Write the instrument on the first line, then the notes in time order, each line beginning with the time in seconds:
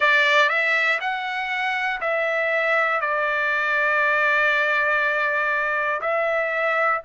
trumpet
0.00 D5
0.49 E5
1.00 F#5
2.00 E5
3.00 D5
6.01 E5